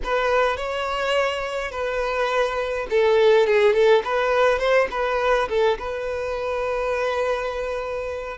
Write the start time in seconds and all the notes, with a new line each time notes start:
0.03 B4
0.56 C#5
1.71 B4
2.90 A4
3.46 G#4
3.73 A4
4.04 B4
4.58 C5
4.90 B4
5.49 A4
5.78 B4